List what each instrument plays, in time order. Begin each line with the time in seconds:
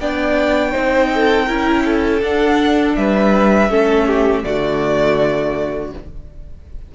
0.00 cello B3, viola D4, violin D5 G5
0.72 cello C4, viola D#4, violin C5
1.15 violin A4
1.47 cello C#4, viola E4, violin A#4
1.85 violin A4
2.22 cello D4, viola D4, violin F#5
2.96 cello G3, violin B4 E5
3.70 cello A3, viola C#4, violin A4
4.07 violin G4
4.44 cello D3, viola A3, violin F#4 D5